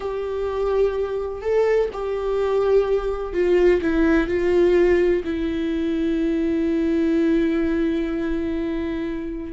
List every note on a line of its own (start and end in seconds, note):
0.00 1.41 G4
1.41 1.89 A4
1.92 3.33 G4
3.33 3.80 F4
3.81 4.27 E4
4.27 5.23 F4
5.24 9.52 E4